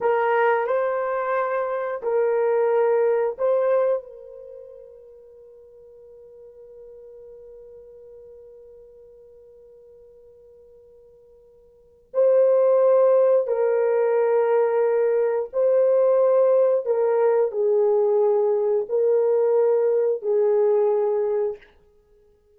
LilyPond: \new Staff \with { instrumentName = "horn" } { \time 4/4 \tempo 4 = 89 ais'4 c''2 ais'4~ | ais'4 c''4 ais'2~ | ais'1~ | ais'1~ |
ais'2 c''2 | ais'2. c''4~ | c''4 ais'4 gis'2 | ais'2 gis'2 | }